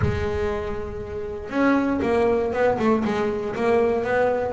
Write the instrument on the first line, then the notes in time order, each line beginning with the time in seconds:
double bass
0.01 G#3
1.49 C#4
2.02 A#3
2.52 B3
2.78 A3
3.04 G#3
3.55 A#3
4.04 B3